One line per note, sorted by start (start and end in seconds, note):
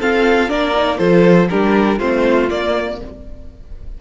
0.00 0.49 C4
0.00 0.50 F4
0.00 0.49 A4
0.00 0.50 F5
0.49 1.00 A#3
0.49 0.74 D4
0.49 0.99 A#4
0.49 0.98 D5
0.76 0.98 D#4
0.98 1.50 F3
0.98 1.48 F4
0.98 1.49 A4
0.98 1.48 C5
1.50 2.00 G3
1.50 2.00 D4
1.50 1.98 G4
1.50 2.00 A#4
1.98 2.50 A3
1.98 2.50 C4
1.98 2.98 F4
1.98 2.50 C5
2.50 3.00 A#3
2.50 3.02 A#3
2.50 3.00 D5